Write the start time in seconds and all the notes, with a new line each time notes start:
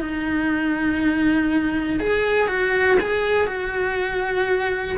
0.00 D#4
1.99 G#4
2.48 F#4
3.00 G#4
3.47 F#4